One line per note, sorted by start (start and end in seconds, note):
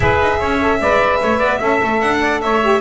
0.00 0.20 E4
0.00 0.59 G#4
0.00 0.39 B4
0.00 2.00 E5
0.20 0.40 D#4
0.39 0.81 C#4
0.39 0.79 C#5
0.60 0.80 A4
0.81 1.21 G#3
0.81 1.60 B4
0.81 1.21 D5
1.21 1.40 A3
1.21 1.38 C#5
1.38 1.60 B3
1.38 1.58 D5
1.58 1.80 C#4
1.58 2.60 A4
1.58 2.19 E5
1.82 2.02 A3
2.00 2.42 D4
2.00 2.40 F#5
2.21 2.41 D5
2.41 2.81 A3
2.41 2.81 C#5
2.41 2.81 E5
2.62 2.81 G4